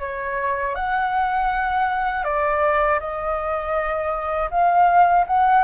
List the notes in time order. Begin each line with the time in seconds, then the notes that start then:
0.00 C#5
0.75 F#5
2.24 D5
3.00 D#5
4.50 F5
5.27 F#5